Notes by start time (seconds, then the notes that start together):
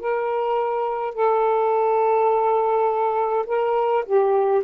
0.00 A#4
1.14 A4
3.46 A#4
4.05 G4